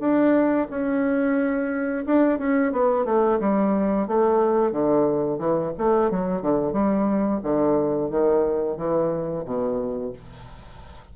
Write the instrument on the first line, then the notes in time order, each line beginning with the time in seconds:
bassoon
0.00 D4
0.70 C#4
2.06 D4
2.38 C#4
2.72 B3
3.05 A3
3.40 G3
4.08 A3
4.72 D3
5.38 E3
5.78 A3
6.10 F#3
6.42 D3
6.73 G3
7.43 D3
8.10 D#3
8.77 E3
9.45 B2